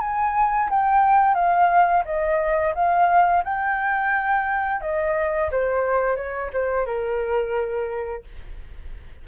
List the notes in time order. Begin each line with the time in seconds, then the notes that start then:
0.00 G#5
0.70 G5
1.34 F5
2.05 D#5
2.74 F5
3.44 G5
4.81 D#5
5.51 C5
6.16 C#5
6.53 C5
6.86 A#4